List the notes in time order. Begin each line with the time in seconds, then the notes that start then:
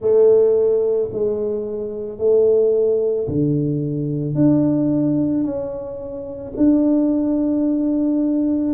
0.00 A3
1.12 G#3
2.18 A3
3.28 D3
4.34 D4
5.43 C#4
6.57 D4